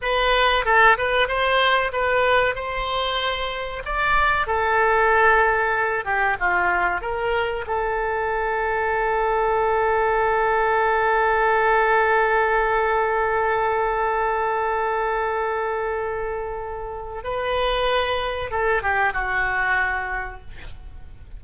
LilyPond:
\new Staff \with { instrumentName = "oboe" } { \time 4/4 \tempo 4 = 94 b'4 a'8 b'8 c''4 b'4 | c''2 d''4 a'4~ | a'4. g'8 f'4 ais'4 | a'1~ |
a'1~ | a'1~ | a'2. b'4~ | b'4 a'8 g'8 fis'2 | }